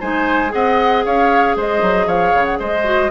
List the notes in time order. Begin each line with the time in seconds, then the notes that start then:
0.00 G#3 D#4 C5 G#5
0.49 C4 G#4 D#5 F#5
1.05 C#4 C#5 F5
1.56 G#3 C5 D#5
1.82 F#3
2.06 F3 C#5 F5
2.34 C#3
2.45 F#5
2.59 G#3 C5 D#5
2.84 F#4